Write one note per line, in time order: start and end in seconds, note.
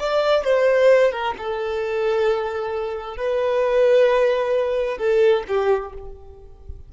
0.00 0.45 D5
0.45 1.12 C5
1.12 1.35 A#4
1.38 3.17 A4
3.17 4.98 B4
4.98 5.44 A4
5.48 5.93 G4